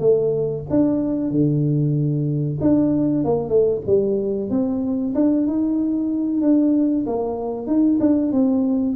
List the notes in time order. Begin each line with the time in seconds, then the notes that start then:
0.00 A3
0.70 D4
1.31 D3
2.61 D4
3.24 A#3
3.50 A3
3.86 G3
4.50 C4
5.15 D4
5.47 D#4
6.41 D4
7.07 A#3
7.67 D#4
8.00 D4
8.32 C4